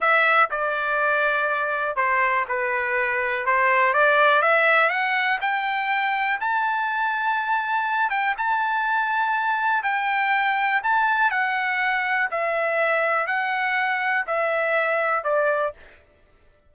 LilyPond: \new Staff \with { instrumentName = "trumpet" } { \time 4/4 \tempo 4 = 122 e''4 d''2. | c''4 b'2 c''4 | d''4 e''4 fis''4 g''4~ | g''4 a''2.~ |
a''8 g''8 a''2. | g''2 a''4 fis''4~ | fis''4 e''2 fis''4~ | fis''4 e''2 d''4 | }